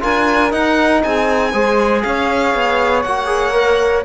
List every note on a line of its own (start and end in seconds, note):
0.00 0.52 D4
0.00 0.50 F4
0.00 1.02 A#4
0.00 0.52 G#5
0.50 1.51 D#4
0.50 1.03 D#4
0.50 1.02 F#5
1.03 1.53 C4
1.03 1.53 G#4
1.03 2.02 G#5
1.53 2.03 G#3
1.53 3.04 G#4
1.53 2.03 C5
2.02 2.54 C#4
2.02 4.05 C#5
2.02 3.02 F5
2.54 3.05 B3
3.02 4.05 A#3
3.02 3.26 F#4
3.02 4.03 F#5
3.26 3.51 G#4
3.52 4.03 A#4